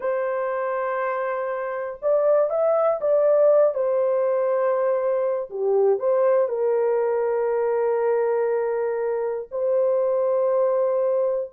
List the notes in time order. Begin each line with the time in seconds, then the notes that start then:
0.00 C5
2.02 D5
2.50 E5
3.00 D5
3.74 C5
5.50 G4
5.99 C5
6.48 A#4
9.51 C5